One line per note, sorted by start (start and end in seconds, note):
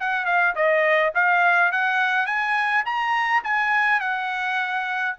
0.00 0.26 F#5
0.26 0.55 F5
0.56 1.13 D#5
1.15 1.72 F5
1.72 2.27 F#5
2.27 2.84 G#5
2.86 3.43 A#5
3.44 4.00 G#5
4.00 5.16 F#5